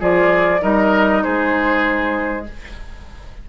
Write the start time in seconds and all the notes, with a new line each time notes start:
0.00 F3 F4 G#4 D5
0.60 G3 D#4 A#4 D#5
1.23 G#3 G#4 C5